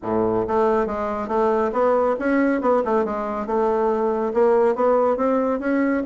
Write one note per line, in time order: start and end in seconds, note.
0.02 0.45 A2
0.47 0.86 A3
0.86 1.28 G#3
1.28 1.71 A3
1.72 2.15 B3
2.19 2.61 C#4
2.61 2.82 B3
2.84 3.05 A3
3.05 3.46 G#3
3.46 4.32 A3
4.33 4.75 A#3
4.75 5.16 B3
5.16 5.59 C4
5.59 6.02 C#4